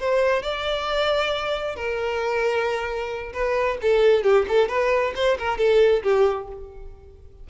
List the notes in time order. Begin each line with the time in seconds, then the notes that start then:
0.00 C5
0.43 D5
1.76 A#4
3.33 B4
3.82 A4
4.24 G4
4.48 A4
4.69 B4
5.16 C5
5.39 A#4
5.58 A4
6.03 G4